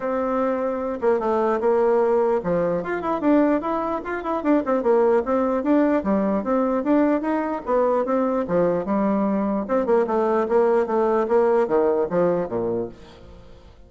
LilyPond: \new Staff \with { instrumentName = "bassoon" } { \time 4/4 \tempo 4 = 149 c'2~ c'8 ais8 a4 | ais2 f4 f'8 e'8 | d'4 e'4 f'8 e'8 d'8 c'8 | ais4 c'4 d'4 g4 |
c'4 d'4 dis'4 b4 | c'4 f4 g2 | c'8 ais8 a4 ais4 a4 | ais4 dis4 f4 ais,4 | }